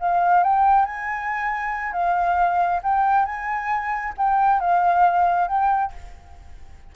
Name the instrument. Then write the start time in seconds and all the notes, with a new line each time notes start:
flute
0.00 F5
0.44 G5
0.85 G#5
1.93 F5
2.83 G5
3.26 G#5
4.18 G5
4.60 F5
5.48 G5